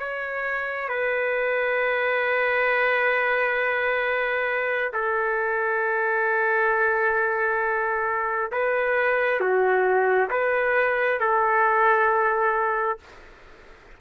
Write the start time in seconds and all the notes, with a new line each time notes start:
0.00 C#5
0.90 B4
4.93 A4
8.52 B4
9.41 F#4
10.31 B4
11.20 A4